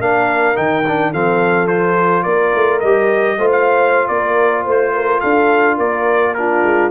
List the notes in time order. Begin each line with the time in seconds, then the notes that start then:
0.00 A#3 D4 A#4 F5
0.55 D#3 D#4 G5
0.88 D4
1.12 F3 C4 A4 F5
1.68 F4 C5
2.23 A#3 A#4 D5
2.55 A3
2.80 G3 G4 D#5
3.38 A3 F4 C5
3.52 F5
4.08 A#3 A#4 D5
4.65 A3 C5
4.94 A#4
5.21 D4 A4 F5
5.77 A#3 A#4 D5
6.35 D4 F4 A#4
6.64 G#3